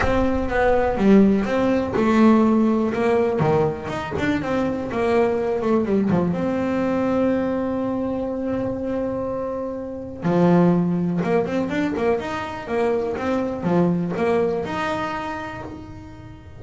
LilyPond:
\new Staff \with { instrumentName = "double bass" } { \time 4/4 \tempo 4 = 123 c'4 b4 g4 c'4 | a2 ais4 dis4 | dis'8 d'8 c'4 ais4. a8 | g8 f8 c'2.~ |
c'1~ | c'4 f2 ais8 c'8 | d'8 ais8 dis'4 ais4 c'4 | f4 ais4 dis'2 | }